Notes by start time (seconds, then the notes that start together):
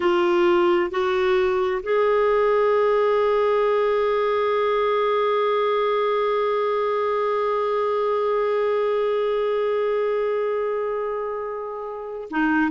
0.00 F4
0.90 F#4
1.83 G#4
12.30 D#4